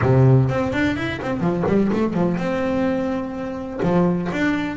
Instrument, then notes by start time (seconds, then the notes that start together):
double bass
0.01 C3
0.49 C4
0.73 D4
0.96 E4
1.21 C4
1.40 F3
1.66 G3
1.92 A3
2.13 F3
2.37 C4
3.82 F3
4.32 D4